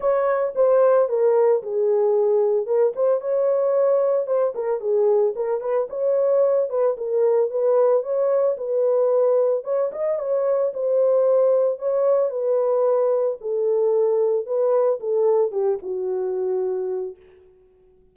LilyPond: \new Staff \with { instrumentName = "horn" } { \time 4/4 \tempo 4 = 112 cis''4 c''4 ais'4 gis'4~ | gis'4 ais'8 c''8 cis''2 | c''8 ais'8 gis'4 ais'8 b'8 cis''4~ | cis''8 b'8 ais'4 b'4 cis''4 |
b'2 cis''8 dis''8 cis''4 | c''2 cis''4 b'4~ | b'4 a'2 b'4 | a'4 g'8 fis'2~ fis'8 | }